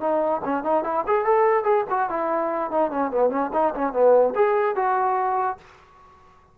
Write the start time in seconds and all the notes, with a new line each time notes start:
0.00 D#4
0.45 C#4
0.64 D#4
0.84 E4
1.07 G#4
1.25 A4
1.64 G#4
1.90 F#4
2.10 E4
2.71 D#4
2.91 C#4
3.11 B3
3.30 C#4
3.53 D#4
3.75 C#4
3.93 B3
4.35 G#4
4.76 F#4